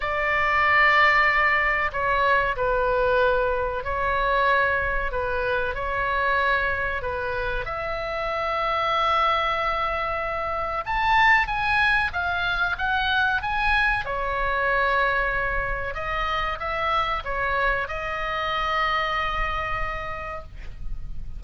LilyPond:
\new Staff \with { instrumentName = "oboe" } { \time 4/4 \tempo 4 = 94 d''2. cis''4 | b'2 cis''2 | b'4 cis''2 b'4 | e''1~ |
e''4 a''4 gis''4 f''4 | fis''4 gis''4 cis''2~ | cis''4 dis''4 e''4 cis''4 | dis''1 | }